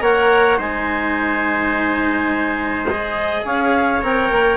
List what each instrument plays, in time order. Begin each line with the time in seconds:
0.00 bassoon A#3, cello A#4, trumpet C#5, clarinet F#5
0.56 bassoon G#3, cello D#4, trumpet C5, clarinet G#5
2.88 cello G#4, clarinet D#5
3.44 bassoon C#4, trumpet C#5, clarinet F5
4.02 bassoon C4, cello A#4, clarinet G5
4.30 bassoon A#3